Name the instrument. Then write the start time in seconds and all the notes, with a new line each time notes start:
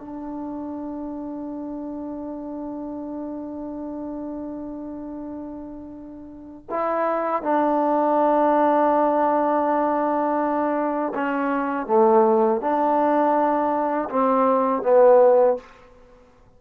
trombone
0.00 D4
6.70 E4
7.43 D4
11.15 C#4
11.87 A3
12.61 D4
14.10 C4
14.83 B3